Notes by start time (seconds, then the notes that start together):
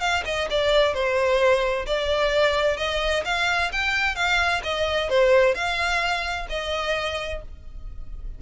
0.00 F5
0.25 D#5
0.50 D5
0.93 C5
1.86 D5
2.77 D#5
3.25 F5
3.72 G5
4.15 F5
4.63 D#5
5.09 C5
5.54 F5
6.49 D#5